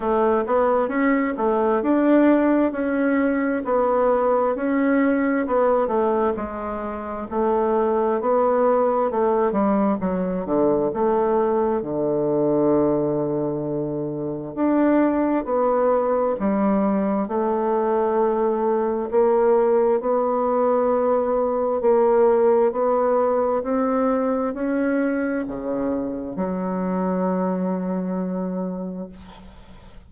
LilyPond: \new Staff \with { instrumentName = "bassoon" } { \time 4/4 \tempo 4 = 66 a8 b8 cis'8 a8 d'4 cis'4 | b4 cis'4 b8 a8 gis4 | a4 b4 a8 g8 fis8 d8 | a4 d2. |
d'4 b4 g4 a4~ | a4 ais4 b2 | ais4 b4 c'4 cis'4 | cis4 fis2. | }